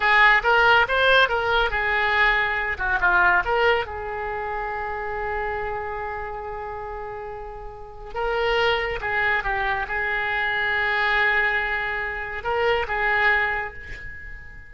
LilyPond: \new Staff \with { instrumentName = "oboe" } { \time 4/4 \tempo 4 = 140 gis'4 ais'4 c''4 ais'4 | gis'2~ gis'8 fis'8 f'4 | ais'4 gis'2.~ | gis'1~ |
gis'2. ais'4~ | ais'4 gis'4 g'4 gis'4~ | gis'1~ | gis'4 ais'4 gis'2 | }